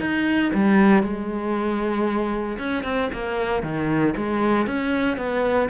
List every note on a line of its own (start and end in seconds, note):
0.00 0.52 D#4
0.54 1.03 G3
1.03 2.58 G#3
2.59 2.84 C#4
2.84 3.10 C4
3.13 3.63 A#3
3.63 4.14 D#3
4.17 4.67 G#3
4.67 5.17 C#4
5.17 5.69 B3